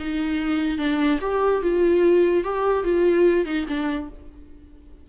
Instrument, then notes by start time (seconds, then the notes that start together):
viola
0.00 D#4
0.78 D4
1.21 G4
1.62 F4
2.44 G4
2.84 F4
3.46 D#4
3.68 D4